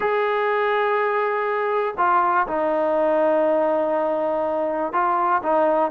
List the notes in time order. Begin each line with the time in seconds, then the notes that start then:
0.00 G#4
1.97 F4
2.47 D#4
4.92 F4
5.42 D#4